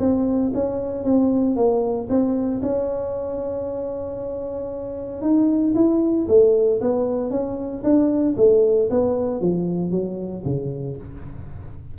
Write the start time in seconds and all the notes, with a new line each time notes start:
0.00 C4
0.54 C#4
1.04 C4
1.56 A#3
2.09 C4
2.63 C#4
5.22 D#4
5.75 E4
6.28 A3
6.81 B3
7.31 C#4
7.84 D4
8.37 A3
8.90 B3
9.41 F3
9.91 F#3
10.45 C#3